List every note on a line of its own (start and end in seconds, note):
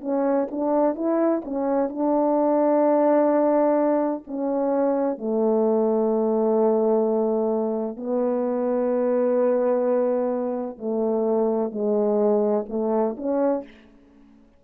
0.00 0.47 C#4
0.51 0.95 D4
0.95 1.41 E4
1.44 1.89 C#4
1.89 4.23 D4
4.27 5.17 C#4
5.17 7.96 A3
7.96 10.78 B3
10.78 11.71 A3
11.71 12.65 G#3
12.69 13.15 A3
13.17 13.64 C#4